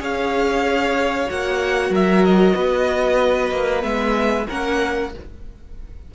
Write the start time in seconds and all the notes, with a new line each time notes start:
0.00 C#4 G#4 C#5 F5
1.26 A#3 F#4 F#5
1.91 F#3 A#4 E5
2.25 D#5
2.56 B3 B4
3.52 A#3
3.81 G#3 B3 E5
4.47 A#3 C#4 A#4 F#5